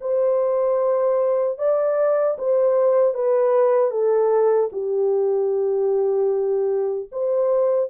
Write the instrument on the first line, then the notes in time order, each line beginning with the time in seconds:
horn
0.00 C5
1.58 D5
2.38 C5
3.14 B4
3.90 A4
4.72 G4
7.12 C5